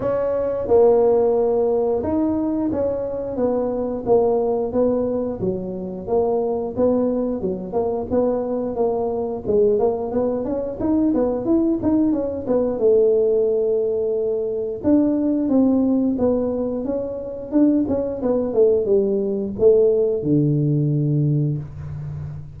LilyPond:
\new Staff \with { instrumentName = "tuba" } { \time 4/4 \tempo 4 = 89 cis'4 ais2 dis'4 | cis'4 b4 ais4 b4 | fis4 ais4 b4 fis8 ais8 | b4 ais4 gis8 ais8 b8 cis'8 |
dis'8 b8 e'8 dis'8 cis'8 b8 a4~ | a2 d'4 c'4 | b4 cis'4 d'8 cis'8 b8 a8 | g4 a4 d2 | }